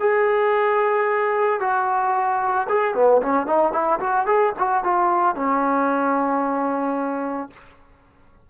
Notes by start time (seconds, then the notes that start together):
0.00 G#4
1.60 F#4
2.69 G#4
2.95 B3
3.22 C#4
3.47 D#4
3.73 E4
4.00 F#4
4.26 G#4
4.59 F#4
4.84 F4
5.35 C#4